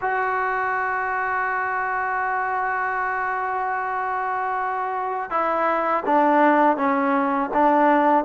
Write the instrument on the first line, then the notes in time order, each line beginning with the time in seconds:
trombone
0.01 F#4
5.30 E4
6.06 D4
6.76 C#4
7.53 D4